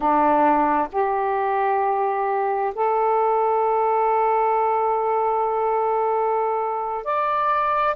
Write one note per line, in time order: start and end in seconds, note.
0.00 0.88 D4
0.91 2.73 G4
2.74 7.04 A4
7.04 7.95 D5